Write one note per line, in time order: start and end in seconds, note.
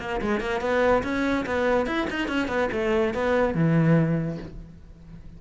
0.00 0.21 A#3
0.21 0.41 G#3
0.41 0.61 A#3
0.61 1.03 B3
1.03 1.45 C#4
1.46 1.87 B3
1.87 2.08 E4
2.10 2.28 D#4
2.28 2.48 C#4
2.48 2.69 B3
2.72 3.14 A3
3.14 3.54 B3
3.54 4.38 E3